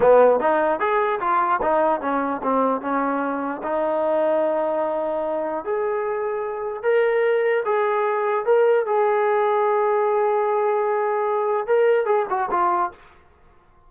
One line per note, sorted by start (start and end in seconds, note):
0.00 0.40 B3
0.40 0.79 D#4
0.79 1.19 G#4
1.20 1.60 F4
1.62 2.00 D#4
2.00 2.41 C#4
2.43 2.81 C4
2.81 3.61 C#4
3.63 5.64 D#4
5.64 6.83 G#4
6.83 7.63 A#4
7.65 8.45 G#4
8.45 8.86 A#4
8.86 11.66 G#4
11.66 12.05 A#4
12.05 12.25 G#4
12.29 12.49 F#4
12.50 12.91 F4